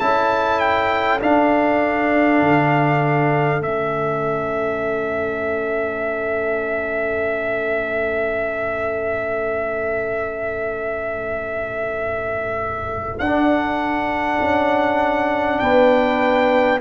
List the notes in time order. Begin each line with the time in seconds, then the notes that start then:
0.00 C#4 E4 A4 A5
0.59 G5
1.21 D4 F5
2.41 D3
3.60 A3 C#4 E5
13.19 D4 F#5
14.41 C#4
15.59 B3 B4 G5